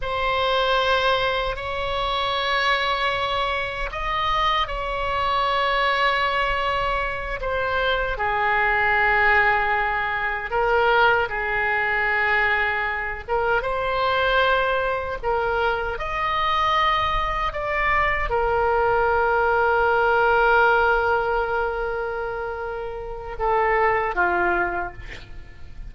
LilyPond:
\new Staff \with { instrumentName = "oboe" } { \time 4/4 \tempo 4 = 77 c''2 cis''2~ | cis''4 dis''4 cis''2~ | cis''4. c''4 gis'4.~ | gis'4. ais'4 gis'4.~ |
gis'4 ais'8 c''2 ais'8~ | ais'8 dis''2 d''4 ais'8~ | ais'1~ | ais'2 a'4 f'4 | }